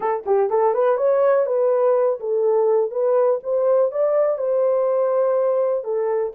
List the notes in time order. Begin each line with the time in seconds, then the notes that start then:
0.00 A4
0.25 G4
0.50 A4
0.73 B4
0.97 C#5
1.46 B4
2.20 A4
2.90 B4
3.43 C5
3.91 D5
4.38 C5
5.84 A4